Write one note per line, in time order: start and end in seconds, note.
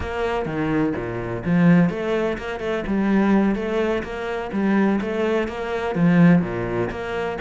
0.00 0.45 A#3
0.45 0.93 D#3
0.95 1.43 A#2
1.44 1.89 F3
1.89 2.37 A3
2.37 2.60 A#3
2.60 2.83 A3
2.86 3.55 G3
3.55 4.03 A3
4.03 4.50 A#3
4.52 5.00 G3
5.01 5.48 A3
5.48 5.95 A#3
5.95 6.42 F3
6.42 6.89 A#2
6.90 7.38 A#3